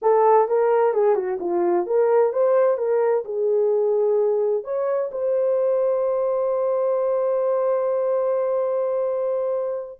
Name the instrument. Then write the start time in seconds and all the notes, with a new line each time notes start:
horn
0.02 A4
0.48 A#4
0.93 G#4
1.15 F#4
1.40 F4
1.86 A#4
2.32 C5
2.77 A#4
3.25 G#4
4.64 C#5
5.11 C5